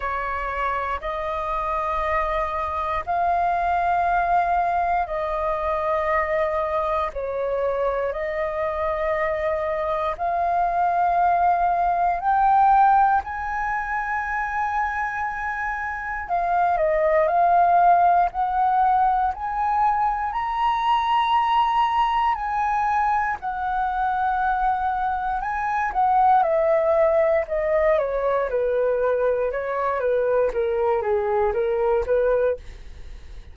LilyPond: \new Staff \with { instrumentName = "flute" } { \time 4/4 \tempo 4 = 59 cis''4 dis''2 f''4~ | f''4 dis''2 cis''4 | dis''2 f''2 | g''4 gis''2. |
f''8 dis''8 f''4 fis''4 gis''4 | ais''2 gis''4 fis''4~ | fis''4 gis''8 fis''8 e''4 dis''8 cis''8 | b'4 cis''8 b'8 ais'8 gis'8 ais'8 b'8 | }